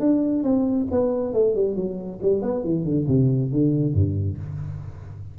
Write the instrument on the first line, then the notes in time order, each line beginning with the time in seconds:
tuba
0.00 D4
0.44 C4
0.91 B3
1.34 A3
1.55 G3
1.76 F#3
2.22 G3
2.42 B3
2.64 E3
2.85 D3
3.08 C3
3.52 D3
3.94 G2